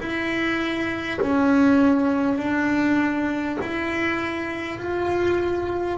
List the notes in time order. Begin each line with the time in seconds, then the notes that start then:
0.00 E4
1.21 C#4
2.38 D4
3.61 E4
4.78 F4